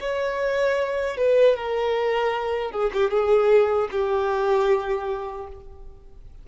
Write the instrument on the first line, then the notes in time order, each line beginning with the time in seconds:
violin
0.00 C#5
1.17 B4
1.56 A#4
2.71 G#4
2.93 G4
3.11 G#4
3.91 G4